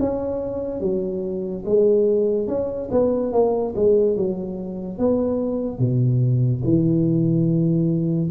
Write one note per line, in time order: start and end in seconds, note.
0.00 0.81 C#4
0.81 1.64 F#3
1.66 2.48 G#3
2.48 2.90 C#4
2.92 3.33 B3
3.33 3.74 A#3
3.76 4.17 G#3
4.17 4.99 F#3
4.99 5.79 B3
5.79 6.62 B2
6.64 8.31 E3